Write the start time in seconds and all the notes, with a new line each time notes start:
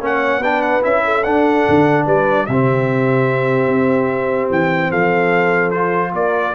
0.00 A#3 C#4 C#5 F#5
0.39 B3 D4 B4 G5
0.62 F#5
0.82 C#4 E4 E5
1.05 A4
1.23 D4 F#5
1.68 D3
2.05 G3 B4 D5
2.46 C3 C4 G4 E5
3.67 C4
4.50 E3 G5
4.90 F3 A4 F5
5.70 F4 C5
6.12 A#3 A#4 D5